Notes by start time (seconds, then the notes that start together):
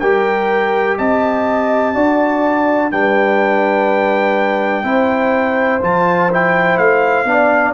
0.00 G3 G4 A#4 G5
0.98 C4 D#5 A5
1.95 D4 F#4 D5
2.92 G3 D4 B4 G5
4.84 C4 E4 C5
5.82 F3 F4 A5
6.32 E4 G5
6.77 A3 F5
7.25 B3 D4 D5